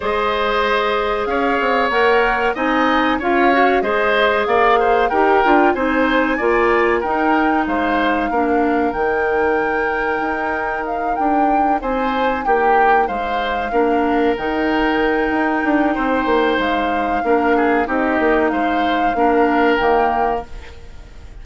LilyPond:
<<
  \new Staff \with { instrumentName = "flute" } { \time 4/4 \tempo 4 = 94 dis''2 f''4 fis''4 | gis''4 f''4 dis''4 f''4 | g''4 gis''2 g''4 | f''2 g''2~ |
g''4 f''8 g''4 gis''4 g''8~ | g''8 f''2 g''4.~ | g''2 f''2 | dis''4 f''2 g''4 | }
  \new Staff \with { instrumentName = "oboe" } { \time 4/4 c''2 cis''2 | dis''4 cis''4 c''4 d''8 c''8 | ais'4 c''4 d''4 ais'4 | c''4 ais'2.~ |
ais'2~ ais'8 c''4 g'8~ | g'8 c''4 ais'2~ ais'8~ | ais'4 c''2 ais'8 gis'8 | g'4 c''4 ais'2 | }
  \new Staff \with { instrumentName = "clarinet" } { \time 4/4 gis'2. ais'4 | dis'4 f'8 fis'8 gis'2 | g'8 f'8 dis'4 f'4 dis'4~ | dis'4 d'4 dis'2~ |
dis'1~ | dis'4. d'4 dis'4.~ | dis'2. d'4 | dis'2 d'4 ais4 | }
  \new Staff \with { instrumentName = "bassoon" } { \time 4/4 gis2 cis'8 c'8 ais4 | c'4 cis'4 gis4 ais4 | dis'8 d'8 c'4 ais4 dis'4 | gis4 ais4 dis2 |
dis'4. d'4 c'4 ais8~ | ais8 gis4 ais4 dis4. | dis'8 d'8 c'8 ais8 gis4 ais4 | c'8 ais8 gis4 ais4 dis4 | }
>>